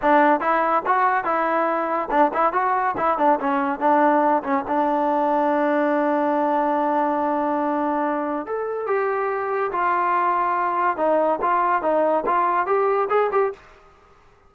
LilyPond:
\new Staff \with { instrumentName = "trombone" } { \time 4/4 \tempo 4 = 142 d'4 e'4 fis'4 e'4~ | e'4 d'8 e'8 fis'4 e'8 d'8 | cis'4 d'4. cis'8 d'4~ | d'1~ |
d'1 | a'4 g'2 f'4~ | f'2 dis'4 f'4 | dis'4 f'4 g'4 gis'8 g'8 | }